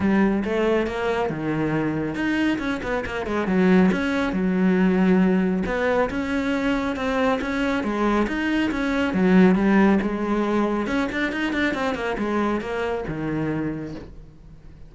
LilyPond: \new Staff \with { instrumentName = "cello" } { \time 4/4 \tempo 4 = 138 g4 a4 ais4 dis4~ | dis4 dis'4 cis'8 b8 ais8 gis8 | fis4 cis'4 fis2~ | fis4 b4 cis'2 |
c'4 cis'4 gis4 dis'4 | cis'4 fis4 g4 gis4~ | gis4 cis'8 d'8 dis'8 d'8 c'8 ais8 | gis4 ais4 dis2 | }